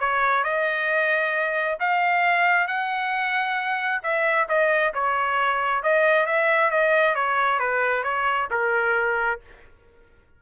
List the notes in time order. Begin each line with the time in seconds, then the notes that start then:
0.00 C#5
0.44 D#5
1.80 F5
2.68 F#5
4.03 E5
4.49 D#5
4.94 C#5
5.83 D#5
6.27 E5
6.71 D#5
7.15 C#5
7.60 B4
8.04 C#5
8.51 A#4